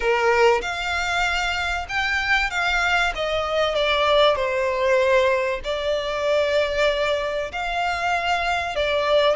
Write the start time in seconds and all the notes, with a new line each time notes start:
0.00 A#4
0.61 F5
1.88 G5
2.50 F5
3.15 D#5
3.75 D5
4.35 C5
5.64 D5
7.52 F5
8.75 D5